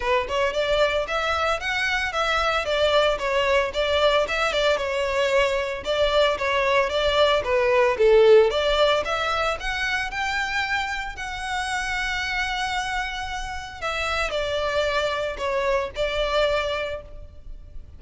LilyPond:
\new Staff \with { instrumentName = "violin" } { \time 4/4 \tempo 4 = 113 b'8 cis''8 d''4 e''4 fis''4 | e''4 d''4 cis''4 d''4 | e''8 d''8 cis''2 d''4 | cis''4 d''4 b'4 a'4 |
d''4 e''4 fis''4 g''4~ | g''4 fis''2.~ | fis''2 e''4 d''4~ | d''4 cis''4 d''2 | }